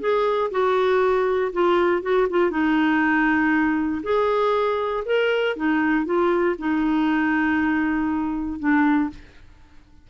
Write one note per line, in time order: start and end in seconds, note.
0.00 0.50 G#4
0.51 1.51 F#4
1.52 2.02 F4
2.02 2.27 F#4
2.29 2.50 F4
2.50 4.02 D#4
4.03 5.04 G#4
5.05 5.56 A#4
5.56 6.05 D#4
6.05 6.55 F4
6.58 8.59 D#4
8.59 9.10 D4